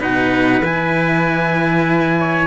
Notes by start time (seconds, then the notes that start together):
0.00 B2 D#4 B4 F#5
0.60 E3 E4 G#5
2.20 C#5